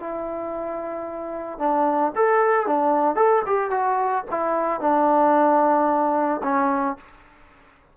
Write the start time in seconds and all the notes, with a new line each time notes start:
0.00 E4
1.59 D4
2.16 A4
2.67 D4
3.16 A4
3.47 G4
3.71 F#4
4.31 E4
4.81 D4
6.44 C#4